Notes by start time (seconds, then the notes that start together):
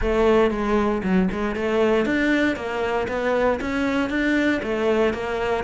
0.01 A3
0.50 G#3
1.03 F#3
1.31 G#3
1.55 A3
2.05 D4
2.56 A#3
3.08 B3
3.60 C#4
4.09 D4
4.62 A3
5.13 A#3